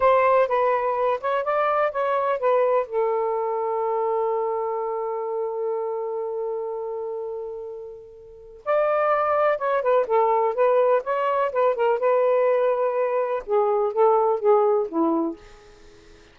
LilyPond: \new Staff \with { instrumentName = "saxophone" } { \time 4/4 \tempo 4 = 125 c''4 b'4. cis''8 d''4 | cis''4 b'4 a'2~ | a'1~ | a'1~ |
a'2 d''2 | cis''8 b'8 a'4 b'4 cis''4 | b'8 ais'8 b'2. | gis'4 a'4 gis'4 e'4 | }